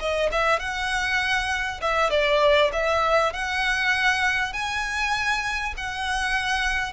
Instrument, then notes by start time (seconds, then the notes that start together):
violin
0.00 D#5
0.33 E5
0.60 F#5
1.82 E5
2.11 D5
2.73 E5
3.34 F#5
4.53 G#5
5.78 F#5